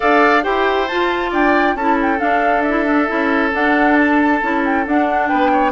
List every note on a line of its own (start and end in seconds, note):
0.00 0.45 D4
0.00 0.42 A4
0.00 0.43 D5
0.00 0.43 F5
0.42 0.90 E4
0.42 0.87 G4
0.42 1.30 C5
0.42 0.87 G5
0.87 1.32 F4
0.87 1.78 F4
0.87 1.31 A5
1.30 1.75 D4
1.30 1.74 D5
1.30 1.76 G5
1.75 2.19 C#4
1.75 2.18 E4
1.75 5.28 A4
1.75 1.98 A5
2.01 2.19 G5
2.18 2.62 D4
2.18 3.09 D4
2.18 2.62 F5
2.62 3.50 E5
2.68 2.84 E4
2.84 3.07 D4
3.07 3.53 C#4
3.07 3.51 E4
3.52 4.40 D4
3.52 4.41 D4
3.52 3.96 F#5
3.96 4.62 A5
4.41 4.86 C#4
4.41 4.85 E4
4.64 4.86 G5
4.86 5.30 D4
4.86 5.71 D4
4.86 5.27 F#5
5.27 5.71 B3
5.27 5.50 B4
5.27 5.71 G5
5.52 5.71 C#5